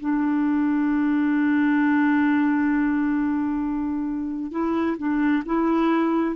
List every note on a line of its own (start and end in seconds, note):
0.00 4.51 D4
4.51 4.97 E4
4.98 5.43 D4
5.46 6.36 E4